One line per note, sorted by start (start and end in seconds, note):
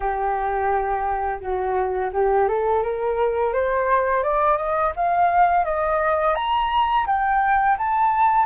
0.00 1.39 G4
1.40 2.10 F#4
2.12 2.47 G4
2.48 2.82 A4
2.82 3.53 A#4
3.53 4.23 C5
4.23 4.57 D5
4.57 4.92 D#5
4.96 5.64 F5
5.64 6.35 D#5
6.35 7.06 A#5
7.06 7.76 G5
7.77 8.45 A5